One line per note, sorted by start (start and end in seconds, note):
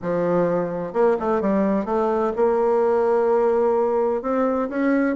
0.01 0.93 F3
0.93 1.16 A#3
1.19 1.41 A3
1.41 1.85 G3
1.85 2.32 A3
2.35 4.22 A#3
4.22 4.69 C4
4.69 5.16 C#4